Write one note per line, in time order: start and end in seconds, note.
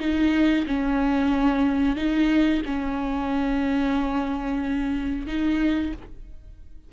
0.00 0.66 D#4
0.67 1.97 C#4
1.97 2.63 D#4
2.66 5.27 C#4
5.27 5.93 D#4